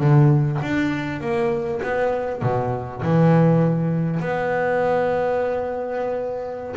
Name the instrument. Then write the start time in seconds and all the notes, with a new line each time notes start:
double bass
0.00 D3
0.63 D4
1.21 A#3
1.83 B3
2.42 B2
3.03 E3
4.21 B3